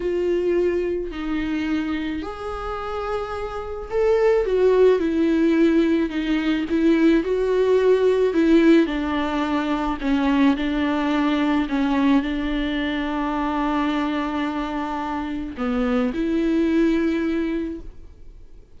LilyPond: \new Staff \with { instrumentName = "viola" } { \time 4/4 \tempo 4 = 108 f'2 dis'2 | gis'2. a'4 | fis'4 e'2 dis'4 | e'4 fis'2 e'4 |
d'2 cis'4 d'4~ | d'4 cis'4 d'2~ | d'1 | b4 e'2. | }